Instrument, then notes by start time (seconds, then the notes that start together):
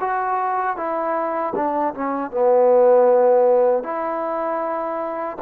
trombone
0.00 F#4
0.77 E4
1.56 D4
1.94 C#4
2.31 B3
3.84 E4